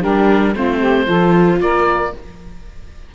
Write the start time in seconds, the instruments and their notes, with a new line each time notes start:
0.00 cello G3, viola D4, saxophone G4, oboe A#4
0.54 cello A3, viola C4, saxophone F4, oboe C5
0.79 saxophone G4
1.06 cello F3, viola F4, saxophone A4
1.60 cello A#3, saxophone A#4, oboe D5